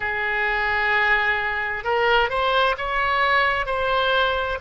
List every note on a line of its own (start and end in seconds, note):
0.00 1.83 G#4
1.83 2.29 A#4
2.29 2.75 C5
2.77 3.65 C#5
3.65 4.58 C5